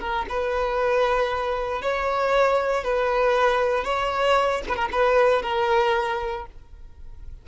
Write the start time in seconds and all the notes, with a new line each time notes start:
0.00 A#4
0.29 B4
1.82 C#5
2.84 B4
3.84 C#5
4.69 B4
4.76 A#4
4.92 B4
5.42 A#4